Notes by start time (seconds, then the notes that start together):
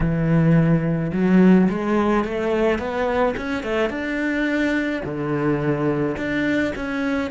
0.00 E3
1.12 F#3
1.69 G#3
2.24 A3
2.78 B3
3.36 C#4
3.63 A3
3.89 D4
5.04 D3
6.17 D4
6.75 C#4